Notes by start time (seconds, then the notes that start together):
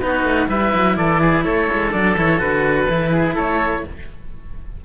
0.00 B3 D#4 B4
0.06 F#4
0.24 A3
0.47 G3 E4 B4 E5
0.74 F#3
0.96 E3 A4 D5
1.21 G#4
1.44 A3 A4 C#5
1.73 G#3
1.92 F#3 D4 D5
2.16 E3 E4 C#5
2.37 D3 F#4 B4
2.88 E3 E4
3.11 G#4
3.34 A3 A4 C#5